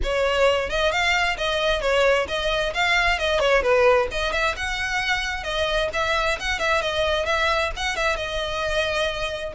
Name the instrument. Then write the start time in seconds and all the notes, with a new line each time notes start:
violin
0.03 C#5
0.69 D#5
0.91 F5
1.37 D#5
1.81 C#5
2.27 D#5
2.74 F5
3.18 D#5
3.39 C#5
3.62 B4
4.11 D#5
4.32 E5
4.56 F#5
5.43 D#5
5.93 E5
6.39 F#5
6.59 E5
6.81 D#5
7.25 E5
7.76 F#5
7.96 E5
8.16 D#5